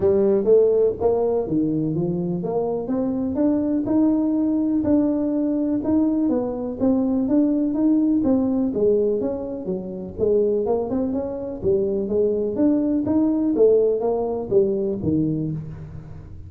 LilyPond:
\new Staff \with { instrumentName = "tuba" } { \time 4/4 \tempo 4 = 124 g4 a4 ais4 dis4 | f4 ais4 c'4 d'4 | dis'2 d'2 | dis'4 b4 c'4 d'4 |
dis'4 c'4 gis4 cis'4 | fis4 gis4 ais8 c'8 cis'4 | g4 gis4 d'4 dis'4 | a4 ais4 g4 dis4 | }